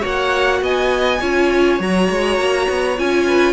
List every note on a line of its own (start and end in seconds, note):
0.00 0.62 A#3
0.00 1.18 F#4
0.00 0.59 C#5
0.00 0.64 F#5
0.62 1.20 B3
0.62 1.20 D#5
0.62 1.81 G#5
1.20 1.79 C#4
1.20 1.79 F4
1.20 3.26 C#5
1.79 2.09 F#3
1.79 2.97 F#4
1.79 2.99 A#5
2.09 2.38 G#3
2.38 2.67 A#3
2.69 2.98 B3
2.97 3.52 C#4
2.97 3.52 F4
2.97 3.52 G#5
3.27 3.52 B4